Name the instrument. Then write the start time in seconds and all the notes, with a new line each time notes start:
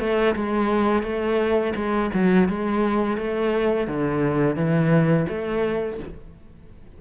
cello
0.00 A3
0.36 G#3
1.03 A3
1.75 G#3
2.14 F#3
2.49 G#3
3.17 A3
3.87 D3
4.56 E3
5.28 A3